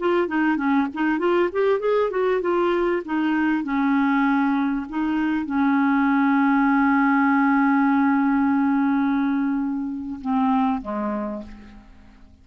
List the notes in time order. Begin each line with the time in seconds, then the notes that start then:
0.00 F4
0.28 D#4
0.57 C#4
0.94 D#4
1.19 F4
1.53 G4
1.80 G#4
2.11 F#4
2.41 F4
3.05 D#4
3.64 C#4
4.89 D#4
5.46 C#4
10.21 C4
10.82 G#3